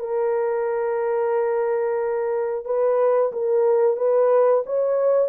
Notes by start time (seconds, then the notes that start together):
0.00 A#4
2.65 B4
3.33 A#4
3.97 B4
4.66 C#5